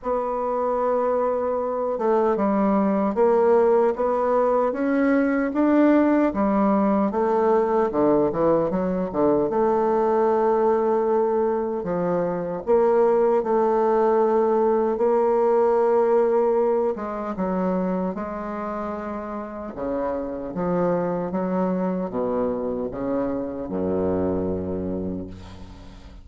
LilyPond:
\new Staff \with { instrumentName = "bassoon" } { \time 4/4 \tempo 4 = 76 b2~ b8 a8 g4 | ais4 b4 cis'4 d'4 | g4 a4 d8 e8 fis8 d8 | a2. f4 |
ais4 a2 ais4~ | ais4. gis8 fis4 gis4~ | gis4 cis4 f4 fis4 | b,4 cis4 fis,2 | }